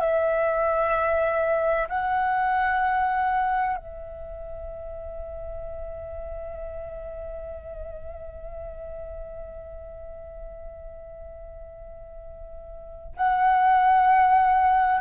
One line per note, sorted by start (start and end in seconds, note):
0.00 1.87 E5
1.89 3.77 F#5
3.77 13.14 E5
13.17 15.00 F#5